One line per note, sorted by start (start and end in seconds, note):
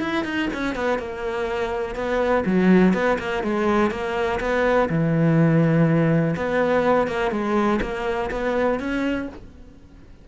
0.00 0.24 E4
0.24 0.48 D#4
0.53 0.75 C#4
0.75 0.98 B3
0.98 1.95 A#3
1.95 2.43 B3
2.45 2.93 F#3
2.93 3.18 B3
3.18 3.43 A#3
3.43 3.90 G#3
3.90 4.39 A#3
4.39 4.88 B3
4.89 6.35 E3
6.36 7.07 B3
7.07 7.31 A#3
7.31 7.80 G#3
7.81 8.30 A#3
8.30 8.79 B3
8.79 9.28 C#4